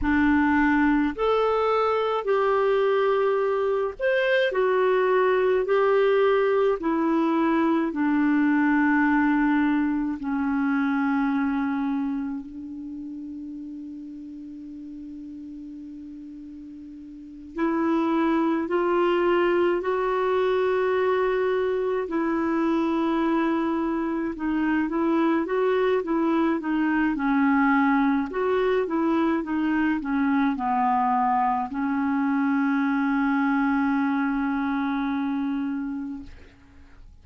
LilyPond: \new Staff \with { instrumentName = "clarinet" } { \time 4/4 \tempo 4 = 53 d'4 a'4 g'4. c''8 | fis'4 g'4 e'4 d'4~ | d'4 cis'2 d'4~ | d'2.~ d'8 e'8~ |
e'8 f'4 fis'2 e'8~ | e'4. dis'8 e'8 fis'8 e'8 dis'8 | cis'4 fis'8 e'8 dis'8 cis'8 b4 | cis'1 | }